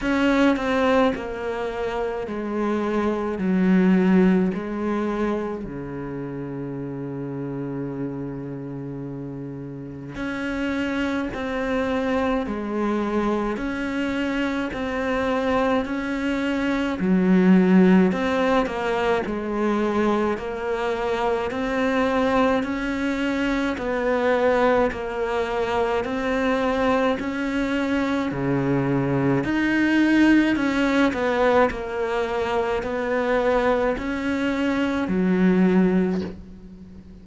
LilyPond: \new Staff \with { instrumentName = "cello" } { \time 4/4 \tempo 4 = 53 cis'8 c'8 ais4 gis4 fis4 | gis4 cis2.~ | cis4 cis'4 c'4 gis4 | cis'4 c'4 cis'4 fis4 |
c'8 ais8 gis4 ais4 c'4 | cis'4 b4 ais4 c'4 | cis'4 cis4 dis'4 cis'8 b8 | ais4 b4 cis'4 fis4 | }